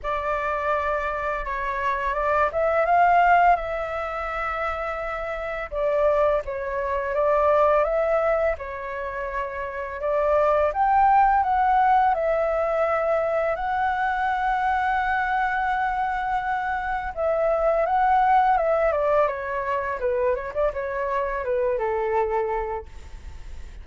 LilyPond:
\new Staff \with { instrumentName = "flute" } { \time 4/4 \tempo 4 = 84 d''2 cis''4 d''8 e''8 | f''4 e''2. | d''4 cis''4 d''4 e''4 | cis''2 d''4 g''4 |
fis''4 e''2 fis''4~ | fis''1 | e''4 fis''4 e''8 d''8 cis''4 | b'8 cis''16 d''16 cis''4 b'8 a'4. | }